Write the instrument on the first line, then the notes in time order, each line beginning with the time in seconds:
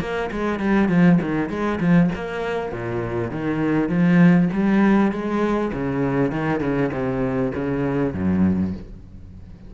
cello
0.00 A#3
0.31 G#3
0.59 G3
0.89 F3
1.21 D#3
1.49 G#3
1.80 F3
2.15 A#3
2.72 A#2
3.31 D#3
3.89 F3
4.53 G3
5.12 G#3
5.73 C#3
6.31 D#3
6.60 C#3
6.92 C3
7.55 C#3
8.14 F#2